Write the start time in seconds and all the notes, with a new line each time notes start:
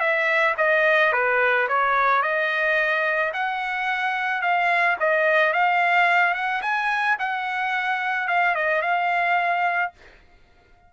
0.00 E5
0.58 D#5
1.13 B4
1.69 C#5
2.23 D#5
3.34 F#5
4.42 F5
5.00 D#5
5.54 F5
6.35 F#5
6.62 G#5
7.19 F#5
8.28 F5
8.55 D#5
8.82 F5